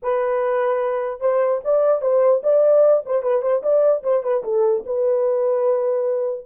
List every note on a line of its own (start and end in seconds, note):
0.02 1.20 B4
1.20 1.60 C5
1.64 2.01 D5
2.01 2.42 C5
2.43 3.03 D5
3.05 3.22 C5
3.22 3.42 B4
3.42 3.62 C5
3.62 4.03 D5
4.03 4.23 C5
4.23 4.43 B4
4.43 4.84 A4
4.85 6.45 B4